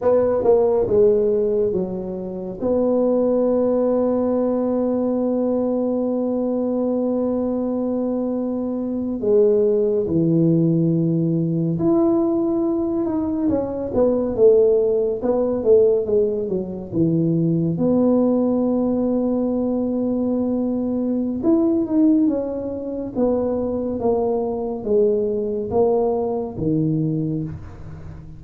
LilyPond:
\new Staff \with { instrumentName = "tuba" } { \time 4/4 \tempo 4 = 70 b8 ais8 gis4 fis4 b4~ | b1~ | b2~ b8. gis4 e16~ | e4.~ e16 e'4. dis'8 cis'16~ |
cis'16 b8 a4 b8 a8 gis8 fis8 e16~ | e8. b2.~ b16~ | b4 e'8 dis'8 cis'4 b4 | ais4 gis4 ais4 dis4 | }